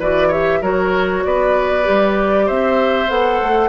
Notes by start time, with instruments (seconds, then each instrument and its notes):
0.00 bassoon E3, clarinet F#4, oboe B4, flute D5
0.28 clarinet G4, oboe C#5, flute E5
0.61 bassoon F#3, clarinet F#4, oboe A#4, flute C#5
1.24 bassoon B3, oboe B4, flute D5
1.84 bassoon G3, clarinet G4
2.46 bassoon C4, oboe C5, flute E5
3.08 bassoon B3, clarinet A4, flute F#5
3.42 bassoon A3